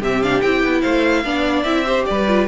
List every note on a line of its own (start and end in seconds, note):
0.00 0.41 C3
0.00 0.23 C4
0.00 0.81 G4
0.00 0.22 E5
0.22 0.43 D4
0.22 0.41 F5
0.41 0.62 C4
0.41 1.24 E4
0.41 0.81 G5
0.62 0.83 B3
0.81 1.24 A3
0.81 1.22 C5
0.81 1.63 F5
1.24 1.64 B3
1.24 1.65 D4
1.24 1.85 D5
1.63 2.05 C4
1.63 1.85 E4
1.63 2.04 E5
1.85 2.26 G4
1.85 2.06 C5
2.06 2.48 G3
2.06 2.48 B4
2.06 2.47 D5
2.27 2.48 F4